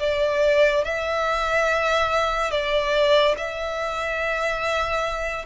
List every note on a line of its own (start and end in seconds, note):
0.00 0.85 D5
0.85 2.51 E5
2.51 3.35 D5
3.37 5.45 E5